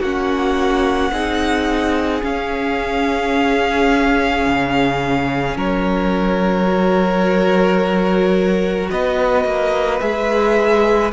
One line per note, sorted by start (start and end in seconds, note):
0.00 1.11 A#3
0.00 1.13 C#4
0.00 1.11 F#4
0.00 2.24 F#5
1.11 2.22 C4
1.11 2.22 D#4
1.11 5.57 G#4
2.22 6.67 C#4
2.22 4.46 C#4
2.22 5.58 F5
4.46 5.56 C#3
5.56 8.90 F#3
5.56 8.91 A#4
5.56 8.91 C#5
6.67 10.00 F#4
8.91 9.45 B3
8.91 11.13 B4
8.91 10.00 D#5
9.45 10.01 A#3
10.00 11.13 G#3
10.00 11.12 G#4
10.00 11.11 E5